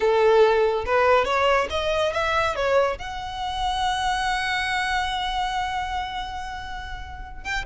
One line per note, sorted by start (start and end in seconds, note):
0.00 0.84 A4
0.85 1.25 B4
1.25 1.67 C#5
1.70 2.12 D#5
2.13 2.55 E5
2.55 2.98 C#5
2.98 7.44 F#5
7.44 7.65 G5